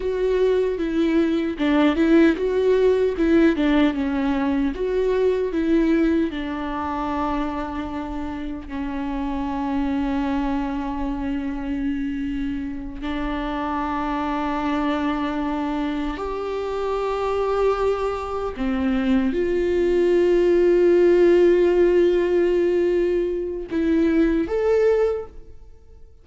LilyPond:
\new Staff \with { instrumentName = "viola" } { \time 4/4 \tempo 4 = 76 fis'4 e'4 d'8 e'8 fis'4 | e'8 d'8 cis'4 fis'4 e'4 | d'2. cis'4~ | cis'1~ |
cis'8 d'2.~ d'8~ | d'8 g'2. c'8~ | c'8 f'2.~ f'8~ | f'2 e'4 a'4 | }